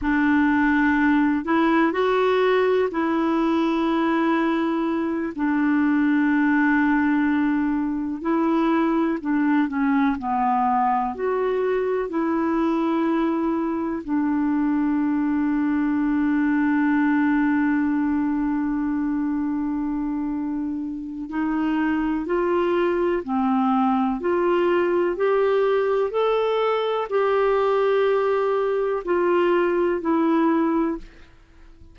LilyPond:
\new Staff \with { instrumentName = "clarinet" } { \time 4/4 \tempo 4 = 62 d'4. e'8 fis'4 e'4~ | e'4. d'2~ d'8~ | d'8 e'4 d'8 cis'8 b4 fis'8~ | fis'8 e'2 d'4.~ |
d'1~ | d'2 dis'4 f'4 | c'4 f'4 g'4 a'4 | g'2 f'4 e'4 | }